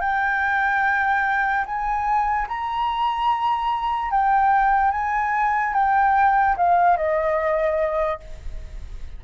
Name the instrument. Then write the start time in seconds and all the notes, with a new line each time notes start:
flute
0.00 G5
1.65 G#5
2.48 A#5
4.11 G5
4.91 G#5
5.73 G5
6.56 F5
6.97 D#5